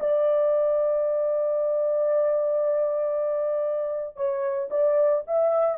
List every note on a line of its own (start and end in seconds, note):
0.00 4.16 D5
4.16 4.69 C#5
4.70 5.23 D5
5.27 5.78 E5